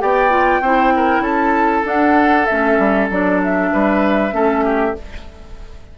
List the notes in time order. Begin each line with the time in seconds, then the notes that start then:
0.00 B3 G4 D5 G5
0.30 F4
0.61 C4 E4 C5
0.96 A#4
1.20 C#4 A4 A5
1.84 D4 F#5
2.46 A3 C#4 E5
2.79 G3
3.10 F#3 D4 D5
3.43 E5
3.73 G3 B4
4.31 A3 C#4 A4
4.65 G4